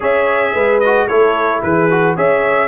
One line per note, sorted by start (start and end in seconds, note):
0.00 0.54 C#4
0.00 0.81 G#4
0.00 0.52 C#5
0.00 0.80 E5
0.53 1.08 G#3
0.53 1.07 B4
0.80 1.09 F#4
0.80 1.07 D#5
1.07 1.62 A3
1.07 1.90 E4
1.07 1.62 A4
1.07 1.61 C#5
1.62 2.17 E3
1.62 2.16 G#4
1.62 2.16 B4
1.90 2.16 F#4
2.16 2.68 C#4
2.16 2.68 G#4
2.16 2.68 C#5
2.16 2.68 E5